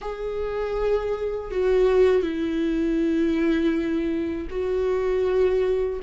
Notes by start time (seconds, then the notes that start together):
0.01 G#4
1.51 F#4
2.22 E4
4.50 F#4